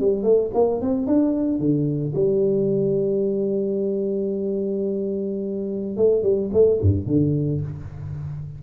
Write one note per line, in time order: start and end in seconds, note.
0.00 0.23 G3
0.23 0.51 A3
0.55 0.81 A#3
0.81 1.07 C4
1.07 1.59 D4
1.59 2.14 D3
2.15 5.97 G3
5.97 6.23 A3
6.23 6.50 G3
6.54 6.81 A3
6.82 7.07 G2
7.07 7.62 D3